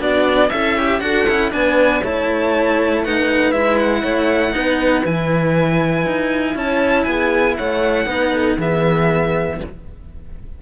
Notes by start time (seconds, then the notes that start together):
0.00 B3 D4 F#4 D5
0.50 C#4 E4 A4 E5
0.78 G4
1.00 D4 F#4 A4 F#5
1.27 C#4 E4
1.51 B3 D4 B4 G#5
2.02 A3 E4 C#5 A5
3.04 D#4 B4 F#5
3.52 G#3 E4 E5
3.79 F#5
4.01 A3 C#5
4.52 B3 D#4 B4
5.05 E3 E4 G#5
6.06 D#4
6.55 C#4 C#5 A5
7.04 B3 G#5
7.10 G#4
7.57 A3 C#5 F#5
8.06 B3 D#4 B4
8.33 A4
8.57 E3 B3 G#4 E5